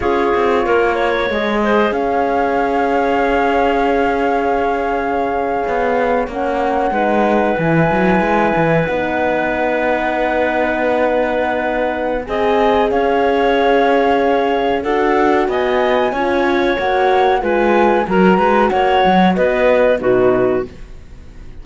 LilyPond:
<<
  \new Staff \with { instrumentName = "flute" } { \time 4/4 \tempo 4 = 93 cis''2 dis''4 f''4~ | f''1~ | f''4.~ f''16 fis''2 gis''16~ | gis''4.~ gis''16 fis''2~ fis''16~ |
fis''2. gis''4 | f''2. fis''4 | gis''2 fis''4 gis''4 | ais''4 fis''4 dis''4 b'4 | }
  \new Staff \with { instrumentName = "clarinet" } { \time 4/4 gis'4 ais'8 cis''4 c''8 cis''4~ | cis''1~ | cis''2~ cis''8. b'4~ b'16~ | b'1~ |
b'2. dis''4 | cis''2. a'4 | dis''4 cis''2 b'4 | ais'8 b'8 cis''4 b'4 fis'4 | }
  \new Staff \with { instrumentName = "horn" } { \time 4/4 f'2 gis'2~ | gis'1~ | gis'4.~ gis'16 cis'4 dis'4 e'16~ | e'4.~ e'16 dis'2~ dis'16~ |
dis'2. gis'4~ | gis'2. fis'4~ | fis'4 f'4 fis'4 f'4 | fis'2. dis'4 | }
  \new Staff \with { instrumentName = "cello" } { \time 4/4 cis'8 c'8 ais4 gis4 cis'4~ | cis'1~ | cis'8. b4 ais4 gis4 e16~ | e16 fis8 gis8 e8 b2~ b16~ |
b2. c'4 | cis'2. d'4 | b4 cis'4 ais4 gis4 | fis8 gis8 ais8 fis8 b4 b,4 | }
>>